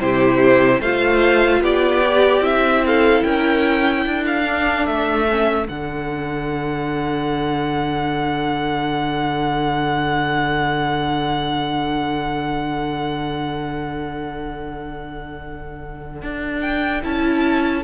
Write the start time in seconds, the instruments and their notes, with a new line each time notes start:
0.00 cello C3, viola E4, violin G4 C5
0.81 cello A3, viola F4, violin C5 F5
1.61 cello B3, violin G4 D5
2.04 viola G4
2.41 cello C4, viola E4, violin E5
2.86 violin A4 F5
3.23 cello C#4, violin A#4 G5
4.06 cello D4, violin A4
4.27 violin F5
4.45 viola D4
4.86 cello A3, violin E5
5.30 viola C#4
5.65 cello D3, viola D4, violin F#5
16.22 cello D4
16.61 violin G5
17.02 cello C#4, viola E4, violin A5